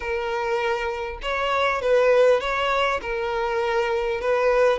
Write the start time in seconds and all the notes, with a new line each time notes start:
0.00 A#4
1.22 C#5
1.81 B4
2.40 C#5
3.01 A#4
4.20 B4